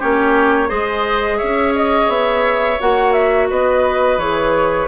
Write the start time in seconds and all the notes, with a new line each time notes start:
0.00 A#3 C#4 G4 C#5
0.68 G#3 G#4 C5 D#5
1.39 C#4 C#5 E5
1.76 D#5
2.08 B3 E5
2.80 A#3 F#4 F#5
3.13 E5
3.50 B3 B4 D#5
4.18 E3 G#4 C#5